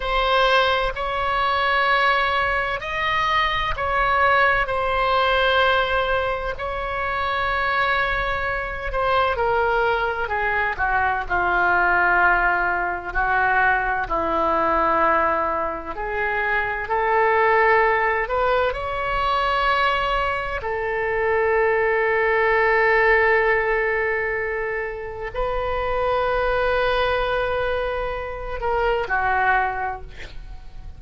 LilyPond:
\new Staff \with { instrumentName = "oboe" } { \time 4/4 \tempo 4 = 64 c''4 cis''2 dis''4 | cis''4 c''2 cis''4~ | cis''4. c''8 ais'4 gis'8 fis'8 | f'2 fis'4 e'4~ |
e'4 gis'4 a'4. b'8 | cis''2 a'2~ | a'2. b'4~ | b'2~ b'8 ais'8 fis'4 | }